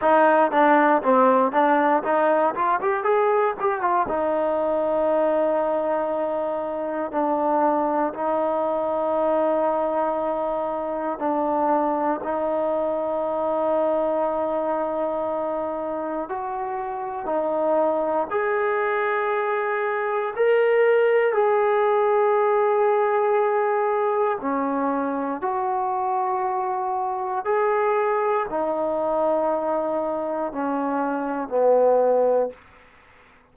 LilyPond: \new Staff \with { instrumentName = "trombone" } { \time 4/4 \tempo 4 = 59 dis'8 d'8 c'8 d'8 dis'8 f'16 g'16 gis'8 g'16 f'16 | dis'2. d'4 | dis'2. d'4 | dis'1 |
fis'4 dis'4 gis'2 | ais'4 gis'2. | cis'4 fis'2 gis'4 | dis'2 cis'4 b4 | }